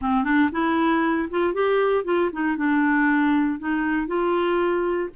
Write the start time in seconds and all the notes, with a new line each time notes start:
0.01 C4
0.24 D4
0.52 E4
1.30 F4
1.53 G4
2.04 F4
2.32 D#4
2.56 D4
3.59 D#4
4.07 F4